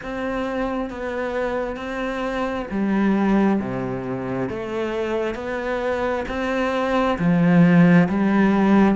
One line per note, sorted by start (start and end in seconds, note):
0.02 0.90 C4
0.90 1.76 B3
1.76 2.66 C4
2.70 3.59 G3
3.59 4.49 C3
4.49 5.34 A3
5.34 6.24 B3
6.28 7.18 C4
7.18 8.08 F3
8.08 8.95 G3